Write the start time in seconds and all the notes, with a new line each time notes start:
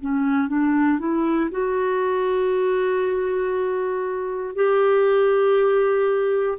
0.00 C#4
0.48 D4
0.99 E4
1.51 F#4
4.55 G4